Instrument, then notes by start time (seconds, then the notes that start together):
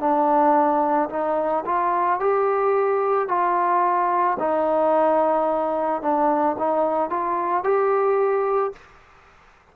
trombone
0.00 D4
1.10 D#4
1.66 F4
2.20 G4
3.29 F4
4.40 D#4
6.02 D4
6.59 D#4
7.10 F4
7.64 G4